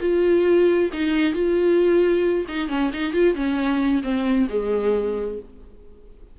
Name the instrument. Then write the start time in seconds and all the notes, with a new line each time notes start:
viola
0.00 F4
0.93 D#4
1.33 F4
2.48 D#4
2.69 C#4
2.93 D#4
3.13 F4
3.35 C#4
4.03 C4
4.49 G#3